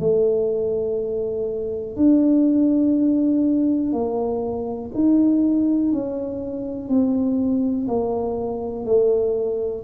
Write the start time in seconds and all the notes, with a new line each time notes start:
0.00 A3
1.97 D4
3.93 A#3
4.94 D#4
5.93 C#4
6.89 C4
7.88 A#3
8.86 A3